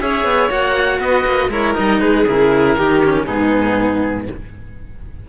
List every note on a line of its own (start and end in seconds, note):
0.00 0.24 C#4
0.00 0.49 G#4
0.00 1.00 C#5
0.00 0.51 E5
0.24 0.50 B3
0.49 0.99 A#3
0.49 1.50 F#4
0.49 1.01 F#5
0.99 1.25 B3
0.99 1.50 B4
0.99 1.52 D#5
1.26 1.49 A#3
1.49 1.74 G#3
1.49 1.75 E4
1.49 2.01 A#4
1.49 1.75 C#5
1.75 2.01 G3
1.75 2.25 D#4
1.75 2.00 D#5
2.00 2.27 G#3
2.00 2.77 G#4
2.00 2.25 B4
2.27 2.78 C#3
2.27 2.78 E4
2.27 3.27 A#4
2.78 3.28 D#3
2.78 3.04 D#4
2.78 3.26 G4
3.05 3.27 C#4
3.26 4.29 G#2
3.26 4.28 B3
3.26 4.27 D#4
3.26 4.28 G#4